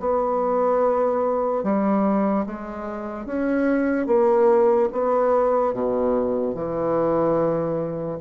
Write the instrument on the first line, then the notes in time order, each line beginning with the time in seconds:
bassoon
0.00 B3
1.63 G3
2.46 G#3
3.25 C#4
4.06 A#3
4.92 B3
5.73 B2
6.55 E3